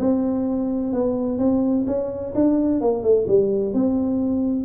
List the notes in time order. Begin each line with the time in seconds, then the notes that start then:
0.00 C4
0.93 B3
1.39 C4
1.87 C#4
2.35 D4
2.81 A#3
3.04 A3
3.28 G3
3.74 C4